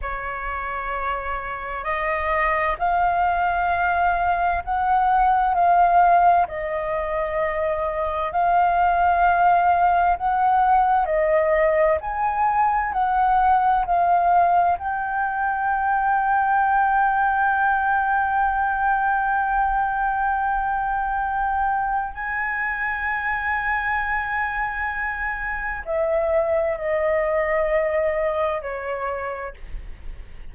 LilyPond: \new Staff \with { instrumentName = "flute" } { \time 4/4 \tempo 4 = 65 cis''2 dis''4 f''4~ | f''4 fis''4 f''4 dis''4~ | dis''4 f''2 fis''4 | dis''4 gis''4 fis''4 f''4 |
g''1~ | g''1 | gis''1 | e''4 dis''2 cis''4 | }